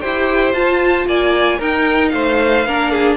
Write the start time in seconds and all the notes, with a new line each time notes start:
0.00 E4 G4 C5 G5
0.53 F4 A5
1.06 A#3 D5 G#5
1.57 D#4 A#4 G5
2.09 A3 C5 F5
2.66 A#3 D4 A#4
2.91 G#4